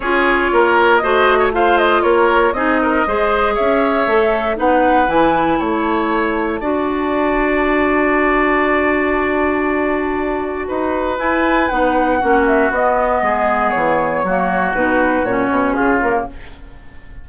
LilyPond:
<<
  \new Staff \with { instrumentName = "flute" } { \time 4/4 \tempo 4 = 118 cis''2 dis''4 f''8 dis''8 | cis''4 dis''2 e''4~ | e''4 fis''4 gis''4 a''4~ | a''1~ |
a''1~ | a''2 gis''4 fis''4~ | fis''8 e''8 dis''2 cis''4~ | cis''4 b'4 cis''4 gis'8 ais'8 | }
  \new Staff \with { instrumentName = "oboe" } { \time 4/4 gis'4 ais'4 c''8. cis''16 c''4 | ais'4 gis'8 ais'8 c''4 cis''4~ | cis''4 b'2 cis''4~ | cis''4 d''2.~ |
d''1~ | d''4 b'2. | fis'2 gis'2 | fis'2. f'4 | }
  \new Staff \with { instrumentName = "clarinet" } { \time 4/4 f'2 fis'4 f'4~ | f'4 dis'4 gis'2 | a'4 dis'4 e'2~ | e'4 fis'2.~ |
fis'1~ | fis'2 e'4 dis'4 | cis'4 b2. | ais4 dis'4 cis'4. ais8 | }
  \new Staff \with { instrumentName = "bassoon" } { \time 4/4 cis'4 ais4 a2 | ais4 c'4 gis4 cis'4 | a4 b4 e4 a4~ | a4 d'2.~ |
d'1~ | d'4 dis'4 e'4 b4 | ais4 b4 gis4 e4 | fis4 b,4 ais,8 b,8 cis4 | }
>>